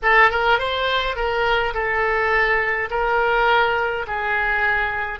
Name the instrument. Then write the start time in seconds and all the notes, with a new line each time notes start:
oboe
0.02 A4
0.30 A#4
0.58 C5
1.16 A#4
1.74 A4
2.90 A#4
4.07 G#4